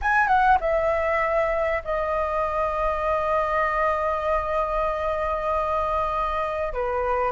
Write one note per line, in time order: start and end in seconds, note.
0.01 0.27 G#5
0.27 0.58 F#5
0.60 1.82 E5
1.84 6.73 D#5
6.73 7.31 B4